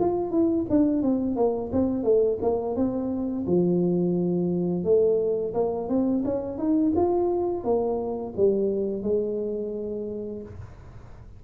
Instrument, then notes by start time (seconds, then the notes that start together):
tuba
0.00 F4
0.31 E4
0.70 D4
1.03 C4
1.36 A#3
1.73 C4
2.04 A3
2.42 A#3
2.76 C4
3.47 F3
4.84 A3
5.54 A#3
5.89 C4
6.25 C#4
6.58 D#4
6.96 F4
7.64 A#3
8.38 G3
9.03 G#3